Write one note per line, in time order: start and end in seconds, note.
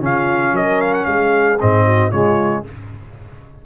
0.00 0.52 C#3
0.00 1.58 C#4
0.00 0.54 F4
0.00 0.55 F5
0.52 1.05 F#3
0.52 1.06 A#4
0.52 0.81 D#5
0.81 0.93 F5
0.93 1.05 F#5
1.05 1.59 G#3
1.05 1.84 G#4
1.05 1.57 F5
1.60 2.12 G#2
1.60 2.12 C4
1.60 2.11 D#5
1.84 2.10 F#4
2.10 2.65 C#3
2.10 2.64 G#3
2.10 2.62 F4
2.10 2.64 C#5